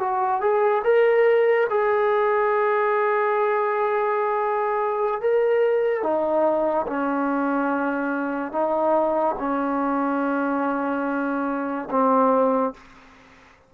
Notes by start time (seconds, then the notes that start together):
0.00 F#4
0.41 G#4
0.84 A#4
1.70 G#4
5.22 A#4
6.03 D#4
6.87 C#4
8.53 D#4
9.39 C#4
11.91 C4